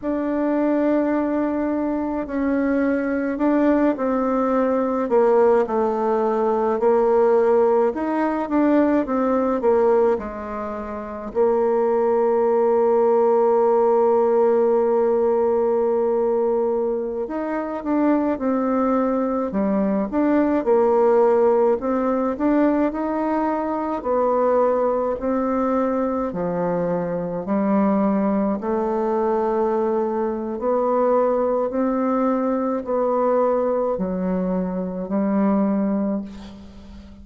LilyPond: \new Staff \with { instrumentName = "bassoon" } { \time 4/4 \tempo 4 = 53 d'2 cis'4 d'8 c'8~ | c'8 ais8 a4 ais4 dis'8 d'8 | c'8 ais8 gis4 ais2~ | ais2.~ ais16 dis'8 d'16~ |
d'16 c'4 g8 d'8 ais4 c'8 d'16~ | d'16 dis'4 b4 c'4 f8.~ | f16 g4 a4.~ a16 b4 | c'4 b4 fis4 g4 | }